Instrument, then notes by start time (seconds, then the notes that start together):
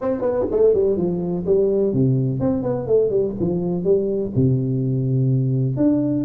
tuba
0.01 C4
0.21 B3
0.51 A3
0.74 G3
0.96 F3
1.46 G3
1.93 C3
2.40 C4
2.62 B3
2.86 A3
3.10 G3
3.39 F3
3.84 G3
4.35 C3
5.76 D4